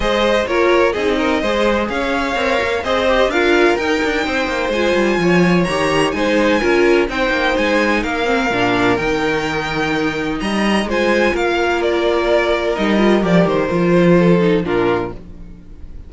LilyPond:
<<
  \new Staff \with { instrumentName = "violin" } { \time 4/4 \tempo 4 = 127 dis''4 cis''4 dis''2 | f''2 dis''4 f''4 | g''2 gis''2 | ais''4 gis''2 g''4 |
gis''4 f''2 g''4~ | g''2 ais''4 gis''4 | f''4 d''2 dis''4 | d''8 c''2~ c''8 ais'4 | }
  \new Staff \with { instrumentName = "violin" } { \time 4/4 c''4 ais'4 gis'8 ais'8 c''4 | cis''2 c''4 ais'4~ | ais'4 c''2 cis''4~ | cis''4 c''4 ais'4 c''4~ |
c''4 ais'2.~ | ais'2 dis''4 c''4 | ais'1~ | ais'2 a'4 f'4 | }
  \new Staff \with { instrumentName = "viola" } { \time 4/4 gis'4 f'4 dis'4 gis'4~ | gis'4 ais'4 gis'8 g'8 f'4 | dis'2 f'2 | g'4 dis'4 f'4 dis'4~ |
dis'4. c'8 d'4 dis'4~ | dis'2. f'4~ | f'2. dis'8 f'8 | g'4 f'4. dis'8 d'4 | }
  \new Staff \with { instrumentName = "cello" } { \time 4/4 gis4 ais4 c'4 gis4 | cis'4 c'8 ais8 c'4 d'4 | dis'8 d'8 c'8 ais8 gis8 g8 f4 | dis4 gis4 cis'4 c'8 ais8 |
gis4 ais4 ais,4 dis4~ | dis2 g4 gis4 | ais2. g4 | f8 dis8 f2 ais,4 | }
>>